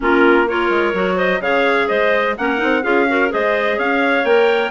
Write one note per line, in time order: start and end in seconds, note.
0.00 0.69 A#3
0.00 0.46 C#4
0.00 0.47 F4
0.00 0.48 A#4
0.47 0.94 F4
0.47 1.16 A#4
0.47 1.18 C#5
0.69 0.93 G#3
0.93 1.40 F#3
0.93 1.41 F#4
1.16 1.39 C5
1.16 1.41 D#5
1.40 1.87 C#3
1.40 2.36 G#4
1.40 1.88 C#5
1.40 1.88 F5
1.88 2.37 G#3
1.88 2.35 C5
1.88 2.35 D#5
2.37 2.61 A#3
2.37 2.57 C#4
2.37 2.83 A#4
2.37 2.83 F#5
2.57 2.84 C4
2.57 2.80 D#4
2.82 3.31 C#4
2.82 3.06 F4
2.82 3.06 G#4
2.82 3.31 F5
3.08 3.29 F#4
3.08 3.32 A#4
3.29 3.78 G#3
3.29 4.23 G#4
3.29 3.77 C5
3.29 3.79 D#5
3.77 4.24 C#4
3.77 4.70 C#5
3.77 4.25 F5
4.24 4.70 A#3
4.24 4.70 A#4
4.24 4.70 G5